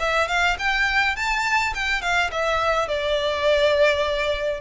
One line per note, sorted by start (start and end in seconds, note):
0.00 0.28 E5
0.28 0.57 F5
0.59 1.16 G5
1.16 1.74 A5
1.75 2.02 G5
2.02 2.31 F5
2.32 2.88 E5
2.88 4.62 D5